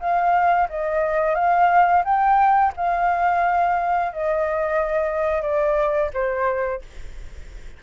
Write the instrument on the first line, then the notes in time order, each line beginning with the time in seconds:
flute
0.00 F5
0.69 D#5
1.35 F5
2.05 G5
2.76 F5
4.13 D#5
5.42 D5
6.14 C5